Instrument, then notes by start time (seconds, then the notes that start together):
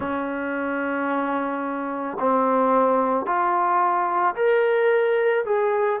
trombone
0.00 C#4
2.19 C4
3.25 F4
4.35 A#4
5.45 G#4